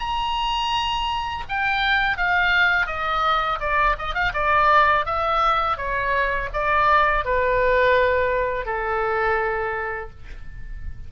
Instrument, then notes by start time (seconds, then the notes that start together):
oboe
0.00 A#5
1.49 G5
2.18 F5
2.87 D#5
3.60 D5
3.99 D#5
4.15 F5
4.34 D5
5.06 E5
5.77 C#5
6.54 D5
7.25 B4
8.66 A4